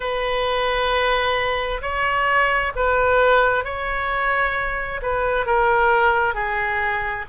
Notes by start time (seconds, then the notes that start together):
0.00 B4
1.81 C#5
2.75 B4
3.64 C#5
5.02 B4
5.45 A#4
6.34 G#4